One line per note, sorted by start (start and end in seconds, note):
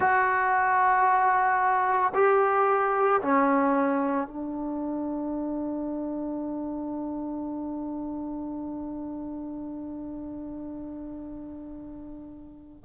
0.00 2.12 F#4
2.14 3.21 G4
3.21 4.27 C#4
4.27 12.84 D4